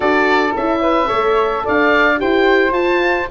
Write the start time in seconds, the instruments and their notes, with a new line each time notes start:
0.00 tuba D4, horn F#4, flute A4, oboe D5
0.55 tuba C#4, horn E4, oboe E5
0.81 flute B4
1.06 tuba A3, horn A4, flute C#5
1.64 tuba D4, flute D5, oboe F5
2.17 tuba E4, horn G4, flute C5, oboe G5
2.71 tuba F4, horn F4, oboe A5